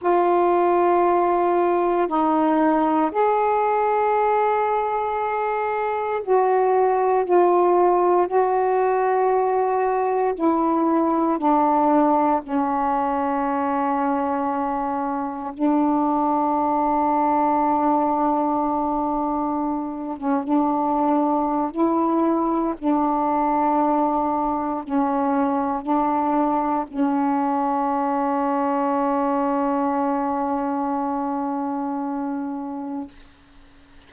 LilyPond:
\new Staff \with { instrumentName = "saxophone" } { \time 4/4 \tempo 4 = 58 f'2 dis'4 gis'4~ | gis'2 fis'4 f'4 | fis'2 e'4 d'4 | cis'2. d'4~ |
d'2.~ d'8 cis'16 d'16~ | d'4 e'4 d'2 | cis'4 d'4 cis'2~ | cis'1 | }